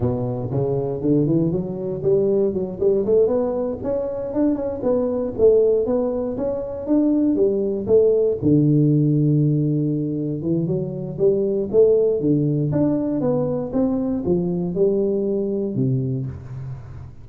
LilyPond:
\new Staff \with { instrumentName = "tuba" } { \time 4/4 \tempo 4 = 118 b,4 cis4 d8 e8 fis4 | g4 fis8 g8 a8 b4 cis'8~ | cis'8 d'8 cis'8 b4 a4 b8~ | b8 cis'4 d'4 g4 a8~ |
a8 d2.~ d8~ | d8 e8 fis4 g4 a4 | d4 d'4 b4 c'4 | f4 g2 c4 | }